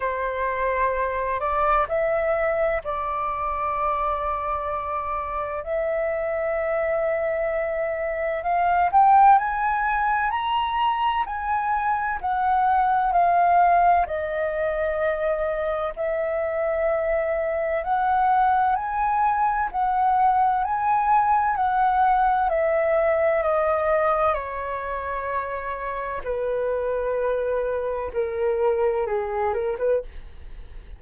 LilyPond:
\new Staff \with { instrumentName = "flute" } { \time 4/4 \tempo 4 = 64 c''4. d''8 e''4 d''4~ | d''2 e''2~ | e''4 f''8 g''8 gis''4 ais''4 | gis''4 fis''4 f''4 dis''4~ |
dis''4 e''2 fis''4 | gis''4 fis''4 gis''4 fis''4 | e''4 dis''4 cis''2 | b'2 ais'4 gis'8 ais'16 b'16 | }